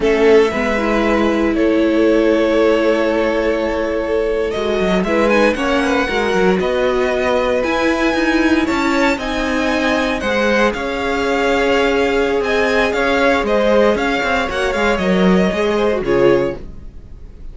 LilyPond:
<<
  \new Staff \with { instrumentName = "violin" } { \time 4/4 \tempo 4 = 116 e''2. cis''4~ | cis''1~ | cis''8. dis''4 e''8 gis''8 fis''4~ fis''16~ | fis''8. dis''2 gis''4~ gis''16~ |
gis''8. a''4 gis''2 fis''16~ | fis''8. f''2.~ f''16 | gis''4 f''4 dis''4 f''4 | fis''8 f''8 dis''2 cis''4 | }
  \new Staff \with { instrumentName = "violin" } { \time 4/4 a'4 b'2 a'4~ | a'1~ | a'4.~ a'16 b'4 cis''8 b'8 ais'16~ | ais'8. b'2.~ b'16~ |
b'8. cis''4 dis''2 c''16~ | c''8. cis''2.~ cis''16 | dis''4 cis''4 c''4 cis''4~ | cis''2~ cis''8 c''8 gis'4 | }
  \new Staff \with { instrumentName = "viola" } { \time 4/4 cis'4 b8 e'2~ e'8~ | e'1~ | e'8. fis'4 e'8 dis'8 cis'4 fis'16~ | fis'2~ fis'8. e'4~ e'16~ |
e'4.~ e'16 dis'2 gis'16~ | gis'1~ | gis'1 | fis'8 gis'8 ais'4 gis'8. fis'16 f'4 | }
  \new Staff \with { instrumentName = "cello" } { \time 4/4 a4 gis2 a4~ | a1~ | a8. gis8 fis8 gis4 ais4 gis16~ | gis16 fis8 b2 e'4 dis'16~ |
dis'8. cis'4 c'2 gis16~ | gis8. cis'2.~ cis'16 | c'4 cis'4 gis4 cis'8 c'8 | ais8 gis8 fis4 gis4 cis4 | }
>>